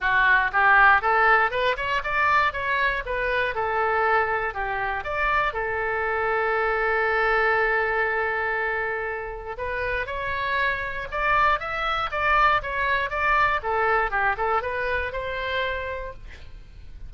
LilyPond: \new Staff \with { instrumentName = "oboe" } { \time 4/4 \tempo 4 = 119 fis'4 g'4 a'4 b'8 cis''8 | d''4 cis''4 b'4 a'4~ | a'4 g'4 d''4 a'4~ | a'1~ |
a'2. b'4 | cis''2 d''4 e''4 | d''4 cis''4 d''4 a'4 | g'8 a'8 b'4 c''2 | }